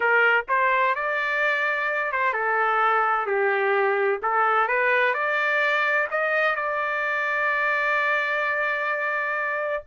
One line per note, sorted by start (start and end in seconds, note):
0.00 0.45 A#4
0.48 0.95 C5
0.95 2.12 D5
2.12 2.33 C5
2.33 3.26 A4
3.26 4.20 G4
4.22 4.67 A4
4.67 5.13 B4
5.13 6.07 D5
6.10 6.55 D#5
6.55 9.83 D5